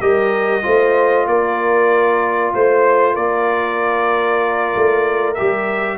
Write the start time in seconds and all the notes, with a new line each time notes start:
0.00 G3 G4 A#4 D#5
0.62 A3 F4 C5
1.27 A#3 A#4 D5
2.54 A3 C5
3.14 A#3 A#4 D5
4.76 A3
5.34 G4 E5
5.41 G3